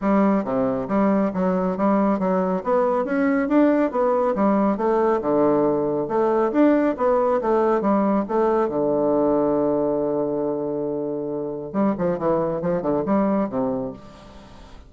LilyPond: \new Staff \with { instrumentName = "bassoon" } { \time 4/4 \tempo 4 = 138 g4 c4 g4 fis4 | g4 fis4 b4 cis'4 | d'4 b4 g4 a4 | d2 a4 d'4 |
b4 a4 g4 a4 | d1~ | d2. g8 f8 | e4 f8 d8 g4 c4 | }